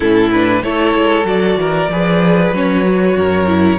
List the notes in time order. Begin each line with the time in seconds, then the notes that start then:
0.00 A2 C#4 E4 A4
0.31 D4 B4
0.62 A3 E4 A4 C#5
0.94 G#3
1.24 F#3 F#4 D5
1.56 E3 A#4
1.88 F3 G#4 B4
2.52 F#3 C#4 C#5
2.83 F#4
3.17 F#2 A#4
3.46 E4